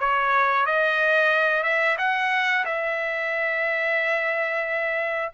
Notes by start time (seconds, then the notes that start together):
0.00 C#5
0.66 D#5
1.64 E5
1.98 F#5
2.65 E5